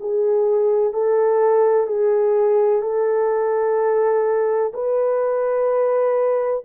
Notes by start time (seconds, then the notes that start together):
0.00 G#4
0.93 A4
1.87 G#4
2.82 A4
4.74 B4